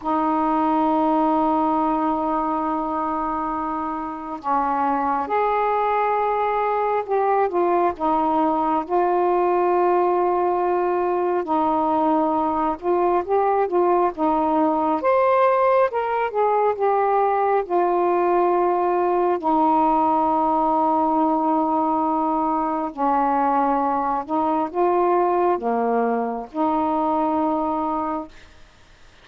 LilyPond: \new Staff \with { instrumentName = "saxophone" } { \time 4/4 \tempo 4 = 68 dis'1~ | dis'4 cis'4 gis'2 | g'8 f'8 dis'4 f'2~ | f'4 dis'4. f'8 g'8 f'8 |
dis'4 c''4 ais'8 gis'8 g'4 | f'2 dis'2~ | dis'2 cis'4. dis'8 | f'4 ais4 dis'2 | }